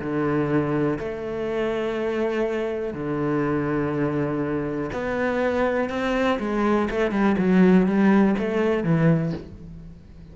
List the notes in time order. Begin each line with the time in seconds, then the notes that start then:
0.00 D3
0.99 A3
2.94 D3
4.93 B3
5.90 C4
6.40 G#3
6.90 A3
7.11 G3
7.38 F#3
7.86 G3
8.39 A3
8.84 E3